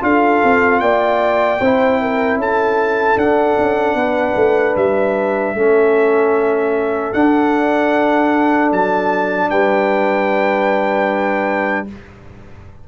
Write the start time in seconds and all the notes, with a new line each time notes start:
0.00 D4 F4 A4 F5
0.43 C4
0.79 A#3 D5 G5
1.60 C4 E4 C5
2.00 A#4
2.36 C#4 A4 A5
3.17 D4 F#5
3.58 C#4
3.94 B3 B4
4.35 A3
4.76 G3 E5
5.54 A3 C#4 A4
7.13 D4 F#5
8.72 F#3 A5
9.50 G3 B4 G5